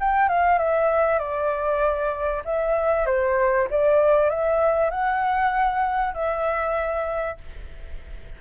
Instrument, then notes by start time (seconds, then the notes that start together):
flute
0.00 G5
0.29 F5
0.58 E5
1.19 D5
2.45 E5
3.06 C5
3.70 D5
4.30 E5
4.90 F#5
6.14 E5